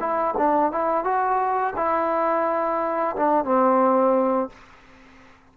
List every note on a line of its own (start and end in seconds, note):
0.00 0.35 E4
0.38 0.72 D4
0.72 1.04 E4
1.04 1.74 F#4
1.76 3.16 E4
3.16 3.45 D4
3.45 4.50 C4